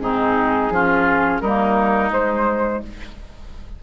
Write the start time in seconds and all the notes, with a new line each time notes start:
0.00 G#2 C4 D#4 G#4
0.70 F3 C#4 F4
1.41 G3 A#3 D#4 A#4
2.11 G#3 C5